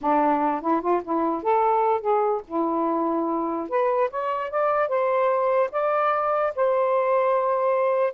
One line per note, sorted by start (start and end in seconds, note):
0.01 0.61 D4
0.61 0.81 E4
0.81 1.01 F4
1.03 1.42 E4
1.42 2.01 A4
2.01 2.41 G#4
2.47 3.69 E4
3.69 4.10 B4
4.10 4.50 C#5
4.50 4.88 D5
4.88 5.69 C5
5.71 6.53 D5
6.55 8.13 C5